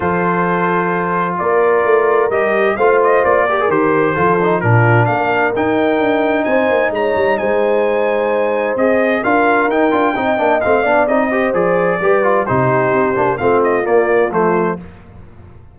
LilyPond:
<<
  \new Staff \with { instrumentName = "trumpet" } { \time 4/4 \tempo 4 = 130 c''2. d''4~ | d''4 dis''4 f''8 dis''8 d''4 | c''2 ais'4 f''4 | g''2 gis''4 ais''4 |
gis''2. dis''4 | f''4 g''2 f''4 | dis''4 d''2 c''4~ | c''4 f''8 dis''8 d''4 c''4 | }
  \new Staff \with { instrumentName = "horn" } { \time 4/4 a'2. ais'4~ | ais'2 c''4. ais'8~ | ais'4 a'4 f'4 ais'4~ | ais'2 c''4 cis''4 |
c''1 | ais'2 dis''4. d''8~ | d''8 c''4. b'4 g'4~ | g'4 f'2. | }
  \new Staff \with { instrumentName = "trombone" } { \time 4/4 f'1~ | f'4 g'4 f'4. g'16 gis'16 | g'4 f'8 dis'8 d'2 | dis'1~ |
dis'2. gis'4 | f'4 dis'8 f'8 dis'8 d'8 c'8 d'8 | dis'8 g'8 gis'4 g'8 f'8 dis'4~ | dis'8 d'8 c'4 ais4 a4 | }
  \new Staff \with { instrumentName = "tuba" } { \time 4/4 f2. ais4 | a4 g4 a4 ais4 | dis4 f4 ais,4 ais4 | dis'4 d'4 c'8 ais8 gis8 g8 |
gis2. c'4 | d'4 dis'8 d'8 c'8 ais8 a8 b8 | c'4 f4 g4 c4 | c'8 ais8 a4 ais4 f4 | }
>>